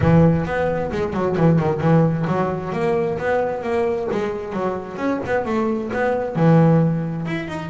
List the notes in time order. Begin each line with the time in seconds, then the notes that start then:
0.00 E3
0.45 B3
0.91 G#3
1.13 F#3
1.37 E3
1.59 D#3
1.80 E3
2.27 F#3
2.72 A#3
3.18 B3
3.62 A#3
4.11 G#3
4.52 F#3
4.97 C#4
5.26 B3
5.45 A3
5.93 B3
6.35 E3
7.26 E4
7.48 D#4